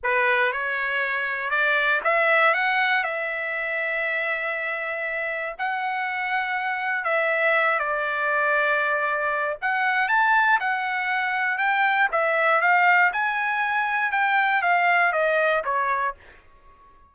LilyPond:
\new Staff \with { instrumentName = "trumpet" } { \time 4/4 \tempo 4 = 119 b'4 cis''2 d''4 | e''4 fis''4 e''2~ | e''2. fis''4~ | fis''2 e''4. d''8~ |
d''2. fis''4 | a''4 fis''2 g''4 | e''4 f''4 gis''2 | g''4 f''4 dis''4 cis''4 | }